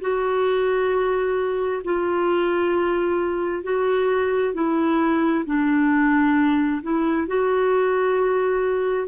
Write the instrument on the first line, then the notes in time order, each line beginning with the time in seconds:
clarinet
0.00 F#4
1.84 F4
3.63 F#4
4.53 E4
5.45 D4
6.82 E4
7.27 F#4